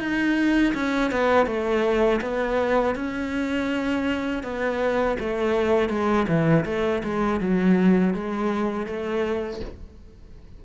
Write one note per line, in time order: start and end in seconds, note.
0.00 0.74 D#4
0.74 1.11 C#4
1.11 1.46 B3
1.46 2.21 A3
2.21 2.95 B3
2.95 4.43 C#4
4.43 5.18 B3
5.20 5.90 A3
5.90 6.27 G#3
6.28 6.65 E3
6.66 7.03 A3
7.04 7.41 G#3
7.41 8.14 F#3
8.14 8.87 G#3
8.87 9.61 A3